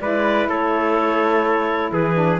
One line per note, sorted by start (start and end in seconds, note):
0.00 0.47 G#3
0.00 2.14 E4
0.00 0.49 B4
0.00 0.48 D5
0.47 1.91 A3
0.47 1.92 A4
0.47 1.93 C#5
1.92 2.39 E3
1.92 2.39 G#4
1.92 2.39 B4
2.14 2.38 D4